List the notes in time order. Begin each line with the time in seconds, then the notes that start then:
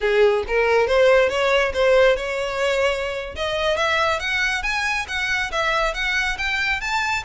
0.00 G#4
0.47 A#4
0.87 C5
1.29 C#5
1.73 C5
2.16 C#5
3.35 D#5
3.77 E5
4.19 F#5
4.63 G#5
5.08 F#5
5.51 E5
5.94 F#5
6.37 G5
6.80 A5